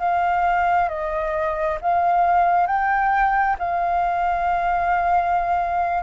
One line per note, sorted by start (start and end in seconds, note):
0.00 0.89 F5
0.89 1.79 D#5
1.82 2.67 F5
2.67 3.57 G5
3.59 6.03 F5